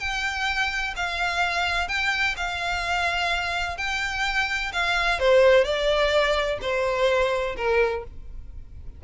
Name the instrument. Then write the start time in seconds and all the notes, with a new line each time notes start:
violin
0.00 G5
0.97 F5
1.89 G5
2.37 F5
3.78 G5
4.73 F5
5.20 C5
5.65 D5
6.62 C5
7.57 A#4